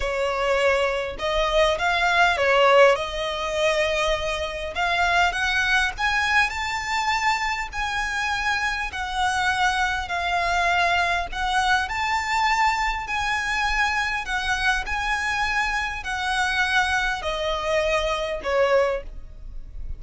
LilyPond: \new Staff \with { instrumentName = "violin" } { \time 4/4 \tempo 4 = 101 cis''2 dis''4 f''4 | cis''4 dis''2. | f''4 fis''4 gis''4 a''4~ | a''4 gis''2 fis''4~ |
fis''4 f''2 fis''4 | a''2 gis''2 | fis''4 gis''2 fis''4~ | fis''4 dis''2 cis''4 | }